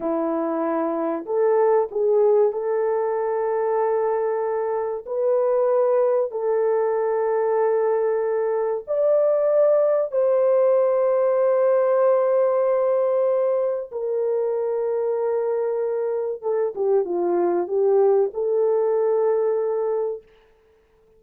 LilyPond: \new Staff \with { instrumentName = "horn" } { \time 4/4 \tempo 4 = 95 e'2 a'4 gis'4 | a'1 | b'2 a'2~ | a'2 d''2 |
c''1~ | c''2 ais'2~ | ais'2 a'8 g'8 f'4 | g'4 a'2. | }